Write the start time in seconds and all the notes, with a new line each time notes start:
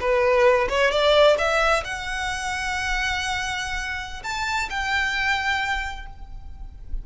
0.00 B4
0.69 C#5
0.91 D5
1.38 E5
1.84 F#5
4.23 A5
4.69 G5